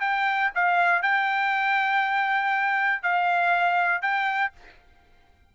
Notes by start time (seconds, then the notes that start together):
0.00 G5
0.55 F5
1.02 G5
3.02 F5
4.02 G5